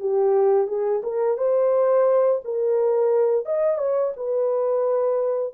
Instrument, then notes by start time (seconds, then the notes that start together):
horn
0.00 G4
0.67 G#4
1.03 A#4
1.38 C5
2.45 A#4
3.46 D#5
3.78 C#5
4.17 B4